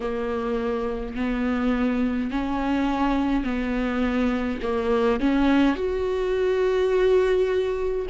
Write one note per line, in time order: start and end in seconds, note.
0.00 1.15 A#3
1.15 2.30 B3
2.30 3.44 C#4
3.44 4.59 B3
4.62 5.19 A#3
5.19 5.75 C#4
5.75 8.06 F#4